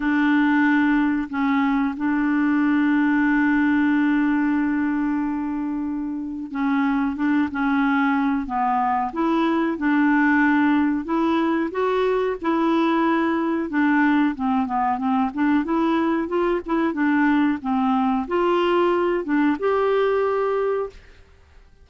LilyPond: \new Staff \with { instrumentName = "clarinet" } { \time 4/4 \tempo 4 = 92 d'2 cis'4 d'4~ | d'1~ | d'2 cis'4 d'8 cis'8~ | cis'4 b4 e'4 d'4~ |
d'4 e'4 fis'4 e'4~ | e'4 d'4 c'8 b8 c'8 d'8 | e'4 f'8 e'8 d'4 c'4 | f'4. d'8 g'2 | }